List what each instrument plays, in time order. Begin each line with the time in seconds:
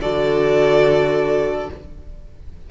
0.00 cello D3, viola F#4, violin A4 D5